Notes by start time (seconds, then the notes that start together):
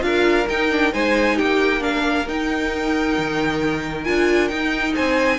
0.00 D4 F4 A#4 F5
0.48 D#4 G5
0.70 D4
0.92 G#3 D#4 C5 G#5
1.36 A#3 G4 G5
1.80 D4 A#4 F5
2.27 D#4 G5
3.18 D#3
4.04 D4 F4 G#5
4.48 D#4 G5
4.94 C4 C5 G#5